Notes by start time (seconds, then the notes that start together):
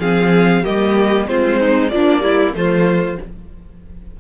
0.00 F3 C4 G#4 F5
0.63 G3 A#3 G4 D#5
1.28 G#3 C4 F4 C5
1.60 D#4
1.89 F3 A#3 D4 D5
2.20 G3 E4
2.53 F3 A3 F4 C5